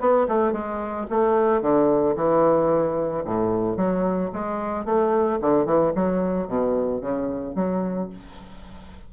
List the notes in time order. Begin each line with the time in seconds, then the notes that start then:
0.00 B3
0.28 A3
0.53 G#3
1.10 A3
1.62 D3
2.16 E3
3.25 A2
3.77 F#3
4.33 G#3
4.85 A3
5.42 D3
5.66 E3
5.96 F#3
6.48 B2
7.01 C#3
7.56 F#3